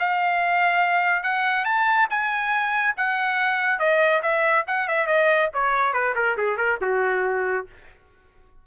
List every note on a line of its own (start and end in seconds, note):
0.00 1.24 F5
1.24 1.66 F#5
1.66 2.08 A5
2.10 2.96 G#5
2.97 3.80 F#5
3.80 4.22 D#5
4.23 4.65 E5
4.68 4.89 F#5
4.89 5.07 E5
5.07 5.50 D#5
5.54 5.94 C#5
5.94 6.15 B4
6.16 6.37 A#4
6.38 6.57 G#4
6.57 6.79 A#4
6.82 7.67 F#4